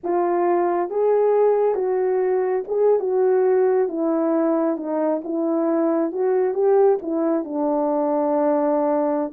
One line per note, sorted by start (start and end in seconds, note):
0.03 0.90 F4
0.90 1.74 G#4
1.74 2.63 F#4
2.67 2.99 G#4
2.99 3.88 F#4
3.88 4.77 E4
4.77 5.21 D#4
5.23 6.12 E4
6.12 6.54 F#4
6.54 6.98 G4
7.01 7.44 E4
7.44 9.32 D4